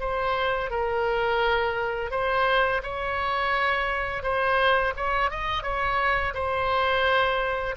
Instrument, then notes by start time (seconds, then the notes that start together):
oboe
0.00 C5
0.70 A#4
2.11 C5
2.83 C#5
4.23 C5
4.96 C#5
5.30 D#5
5.63 C#5
6.34 C5